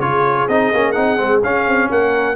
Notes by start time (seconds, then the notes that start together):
0.00 C#3 F4 G#4 C#5
0.48 C4 D#4 D#5
0.74 A#3 C#4
0.92 C4 D#4 F#5
1.18 G#3 C4
1.44 C#4 F5
1.67 C4
1.91 A#3 A#4 F#5